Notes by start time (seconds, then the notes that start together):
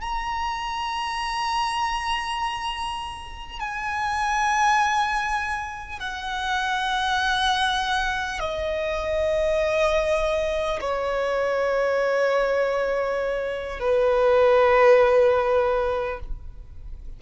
0.00 A#5
3.59 G#5
5.99 F#5
8.39 D#5
10.80 C#5
13.79 B4